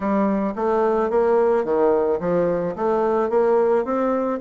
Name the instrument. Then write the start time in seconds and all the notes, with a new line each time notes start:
bassoon
0.00 G3
0.55 A3
1.09 A#3
1.64 D#3
2.20 F3
2.75 A3
3.29 A#3
3.84 C4